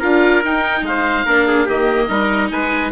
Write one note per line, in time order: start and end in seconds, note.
0.00 0.44 D4
0.00 0.43 F4
0.00 0.83 A#4
0.00 0.44 F5
0.44 1.27 D#4
0.44 0.83 D#4
0.44 0.86 G5
0.83 1.24 G#3
0.83 1.26 C5
0.83 1.69 F5
1.26 1.68 A#3
1.26 1.68 D4
1.26 1.47 A#4
1.47 1.65 G#4
1.65 2.09 D#3
1.65 2.09 A#3
1.65 2.07 G4
1.65 2.52 D#5
2.09 2.51 G3
2.09 2.92 D#4
2.09 2.50 A#4
2.51 2.92 G#3
2.51 2.92 B4
2.51 2.92 G#5